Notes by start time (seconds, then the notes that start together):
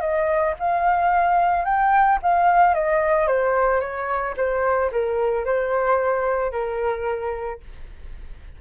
0.00 D#5
0.59 F5
1.64 G5
2.22 F5
2.74 D#5
3.27 C5
3.80 C#5
4.37 C5
4.91 A#4
5.45 C5
6.51 A#4